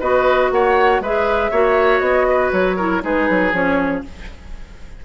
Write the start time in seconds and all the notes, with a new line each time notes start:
0.00 B3 F#4 B4 D#5
0.51 A#3 C#5 F#5
1.00 G#3 G#4 B4 E5
1.51 A#3 F#4 C#5
2.00 B3 D#5
2.29 B4
2.52 F#3 C#5
2.77 E4 A#4
3.01 G#3 D#4 G#4 B4
3.30 F#3
3.52 F3 C#4 C#5